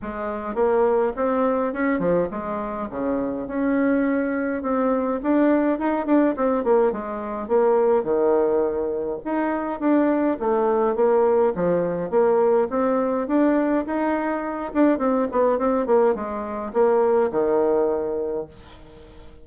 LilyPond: \new Staff \with { instrumentName = "bassoon" } { \time 4/4 \tempo 4 = 104 gis4 ais4 c'4 cis'8 f8 | gis4 cis4 cis'2 | c'4 d'4 dis'8 d'8 c'8 ais8 | gis4 ais4 dis2 |
dis'4 d'4 a4 ais4 | f4 ais4 c'4 d'4 | dis'4. d'8 c'8 b8 c'8 ais8 | gis4 ais4 dis2 | }